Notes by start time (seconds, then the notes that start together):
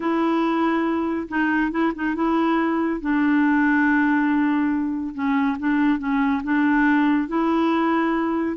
0.00 E4
1.28 D#4
1.71 E4
1.95 D#4
2.15 E4
3.00 D4
5.14 C#4
5.58 D4
5.99 C#4
6.43 D4
7.28 E4